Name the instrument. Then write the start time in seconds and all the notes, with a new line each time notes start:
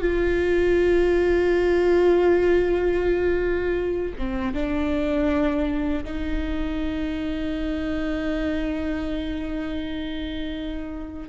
viola
0.00 F4
4.18 C4
4.53 D4
6.04 D#4